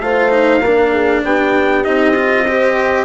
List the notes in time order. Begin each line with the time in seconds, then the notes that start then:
0.00 A3 F4 C5 F5
0.30 D#4
0.60 A#3 D4 A#4
0.92 G#4
1.24 B3 G4 G5
1.84 C4 D#4 D#5
2.16 F4
2.47 G4 C5